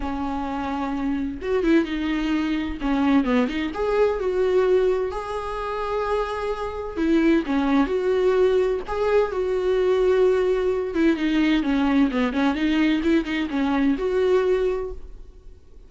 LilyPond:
\new Staff \with { instrumentName = "viola" } { \time 4/4 \tempo 4 = 129 cis'2. fis'8 e'8 | dis'2 cis'4 b8 dis'8 | gis'4 fis'2 gis'4~ | gis'2. e'4 |
cis'4 fis'2 gis'4 | fis'2.~ fis'8 e'8 | dis'4 cis'4 b8 cis'8 dis'4 | e'8 dis'8 cis'4 fis'2 | }